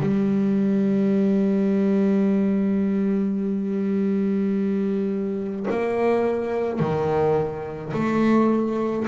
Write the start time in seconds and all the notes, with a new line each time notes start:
0.00 G3
5.70 A#3
6.79 D#3
7.93 A3